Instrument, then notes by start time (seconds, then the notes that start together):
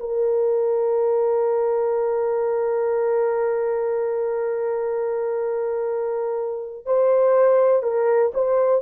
horn
0.00 A#4
6.86 C5
7.83 A#4
8.34 C5